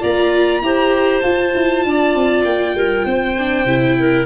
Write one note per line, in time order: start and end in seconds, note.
0.00 0.62 A#3
0.00 0.61 F4
0.00 0.61 D5
0.00 1.20 A#5
0.62 1.22 E4
0.62 1.23 G4
0.62 1.87 C5
1.20 3.35 F4
1.20 1.54 F4
1.20 2.42 A5
1.55 1.85 E4
1.85 2.15 D4
1.85 2.76 D5
2.15 2.45 C4
2.44 2.75 A#3
2.44 4.26 G5
2.75 3.05 G3
2.75 3.05 A#4
3.05 3.65 C4
3.05 3.96 C5
3.38 3.66 D4
3.65 4.26 C3
3.65 4.27 E4
3.99 4.27 A#4